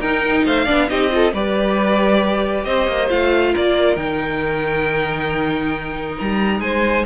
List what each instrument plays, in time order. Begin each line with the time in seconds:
0.00 cello D#4, viola D#4, violin A#4 G5
0.45 cello A3, violin C5 F5
0.65 cello B3, viola D4, violin D5
0.88 cello C4, viola D#4, violin G4 D#5
1.10 viola F4, violin A4
1.33 cello G3, viola G4, violin B4 D5
2.65 cello C4, violin C5 D#5
2.87 cello A#3
3.09 cello A3, viola F4, violin F5
3.52 cello A#3, violin A#4 D5
3.96 cello D#3, viola D#4, violin G5
6.18 cello G3, violin A#5
6.60 cello G#3, violin C5 G#5